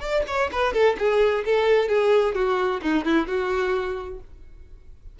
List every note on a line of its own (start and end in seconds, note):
0.00 0.23 D5
0.27 0.50 C#5
0.52 0.73 B4
0.73 0.96 A4
0.98 1.44 G#4
1.45 1.88 A4
1.88 2.35 G#4
2.35 2.81 F#4
2.82 3.05 D#4
3.05 3.27 E4
3.27 4.19 F#4